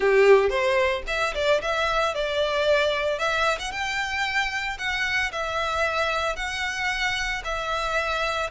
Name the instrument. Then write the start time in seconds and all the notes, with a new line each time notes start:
violin
0.00 G4
0.49 C5
1.07 E5
1.34 D5
1.61 E5
2.14 D5
3.18 E5
3.58 F#5
3.71 G5
4.78 F#5
5.31 E5
6.36 F#5
7.44 E5